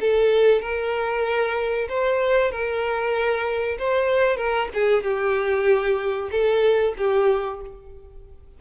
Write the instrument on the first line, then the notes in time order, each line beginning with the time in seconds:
violin
0.00 A4
0.61 A#4
1.89 C5
2.51 A#4
3.78 C5
4.36 A#4
4.73 G#4
5.03 G4
6.31 A4
6.97 G4